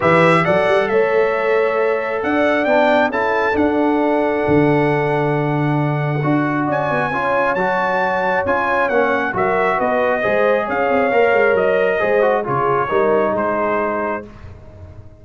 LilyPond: <<
  \new Staff \with { instrumentName = "trumpet" } { \time 4/4 \tempo 4 = 135 e''4 fis''4 e''2~ | e''4 fis''4 g''4 a''4 | fis''1~ | fis''2. gis''4~ |
gis''4 a''2 gis''4 | fis''4 e''4 dis''2 | f''2 dis''2 | cis''2 c''2 | }
  \new Staff \with { instrumentName = "horn" } { \time 4/4 b'4 d''4 cis''2~ | cis''4 d''2 a'4~ | a'1~ | a'2. d''4 |
cis''1~ | cis''4 ais'4 b'4 c''4 | cis''2. c''4 | gis'4 ais'4 gis'2 | }
  \new Staff \with { instrumentName = "trombone" } { \time 4/4 g'4 a'2.~ | a'2 d'4 e'4 | d'1~ | d'2 fis'2 |
f'4 fis'2 f'4 | cis'4 fis'2 gis'4~ | gis'4 ais'2 gis'8 fis'8 | f'4 dis'2. | }
  \new Staff \with { instrumentName = "tuba" } { \time 4/4 e4 fis8 g8 a2~ | a4 d'4 b4 cis'4 | d'2 d2~ | d2 d'4 cis'8 b8 |
cis'4 fis2 cis'4 | ais4 fis4 b4 gis4 | cis'8 c'8 ais8 gis8 fis4 gis4 | cis4 g4 gis2 | }
>>